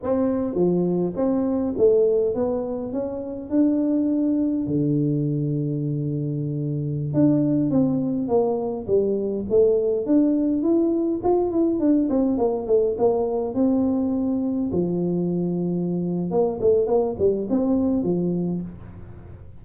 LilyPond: \new Staff \with { instrumentName = "tuba" } { \time 4/4 \tempo 4 = 103 c'4 f4 c'4 a4 | b4 cis'4 d'2 | d1~ | d16 d'4 c'4 ais4 g8.~ |
g16 a4 d'4 e'4 f'8 e'16~ | e'16 d'8 c'8 ais8 a8 ais4 c'8.~ | c'4~ c'16 f2~ f8. | ais8 a8 ais8 g8 c'4 f4 | }